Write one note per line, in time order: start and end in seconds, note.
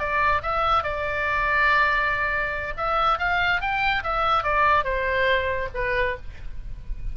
0.00 0.42 D5
0.43 0.84 E5
0.84 2.74 D5
2.78 3.19 E5
3.19 3.61 F5
3.61 4.04 G5
4.04 4.44 E5
4.44 4.85 D5
4.85 5.69 C5
5.75 6.17 B4